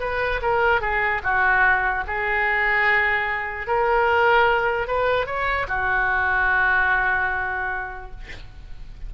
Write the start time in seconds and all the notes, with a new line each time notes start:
0.00 B4
0.42 A#4
0.81 G#4
1.23 F#4
2.07 G#4
3.67 A#4
4.87 B4
5.26 C#5
5.68 F#4